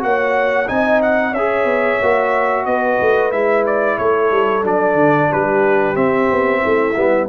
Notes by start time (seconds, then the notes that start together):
0.00 A#3 F#4 C#5 F#5
0.68 C4 D#4 D#5 G#5
1.02 F#5
1.32 C#4 G#4 C#5 E5
1.64 B3
2.02 A#3 F#4
2.65 B3 B4 D#5
3.01 A3
3.31 G#3 E4 E5
3.66 D5
3.98 A3 A4 C#5
4.31 G3
4.63 F#3 D4 D5
4.94 D3
5.29 G3 G4 B4
5.95 C4 E5
6.31 B3
6.61 A3 E4
6.96 G3 B3